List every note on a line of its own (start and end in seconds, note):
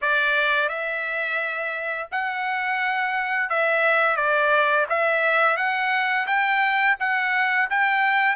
0.01 0.68 D5
0.68 2.08 E5
2.11 3.49 F#5
3.49 4.16 E5
4.16 4.86 D5
4.89 5.57 E5
5.57 6.26 F#5
6.26 6.96 G5
6.99 7.69 F#5
7.69 8.35 G5